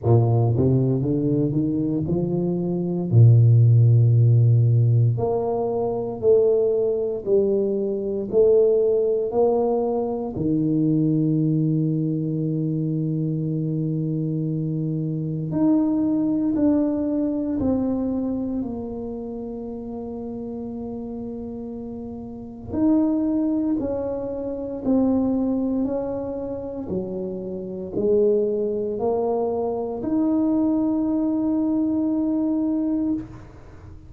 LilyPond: \new Staff \with { instrumentName = "tuba" } { \time 4/4 \tempo 4 = 58 ais,8 c8 d8 dis8 f4 ais,4~ | ais,4 ais4 a4 g4 | a4 ais4 dis2~ | dis2. dis'4 |
d'4 c'4 ais2~ | ais2 dis'4 cis'4 | c'4 cis'4 fis4 gis4 | ais4 dis'2. | }